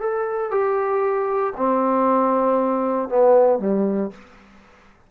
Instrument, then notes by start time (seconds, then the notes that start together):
trombone
0.00 A4
0.51 G4
1.57 C4
3.09 B3
3.59 G3